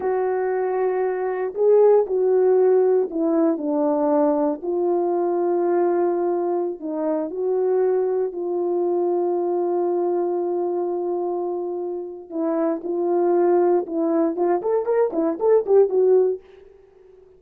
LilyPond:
\new Staff \with { instrumentName = "horn" } { \time 4/4 \tempo 4 = 117 fis'2. gis'4 | fis'2 e'4 d'4~ | d'4 f'2.~ | f'4~ f'16 dis'4 fis'4.~ fis'16~ |
fis'16 f'2.~ f'8.~ | f'1 | e'4 f'2 e'4 | f'8 a'8 ais'8 e'8 a'8 g'8 fis'4 | }